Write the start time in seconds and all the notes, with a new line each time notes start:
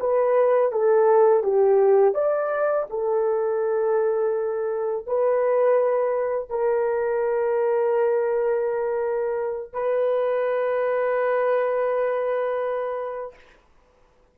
0.00 B4
0.72 A4
1.43 G4
2.15 D5
2.90 A4
5.07 B4
6.50 A#4
9.73 B4